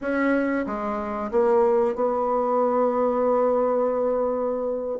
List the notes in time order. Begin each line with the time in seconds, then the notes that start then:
0.01 C#4
0.66 G#3
1.31 A#3
1.95 B3